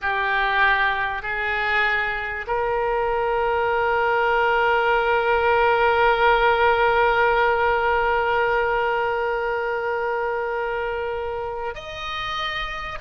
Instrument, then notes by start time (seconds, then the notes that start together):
oboe
0.01 G4
1.22 G#4
2.47 A#4
11.74 D#5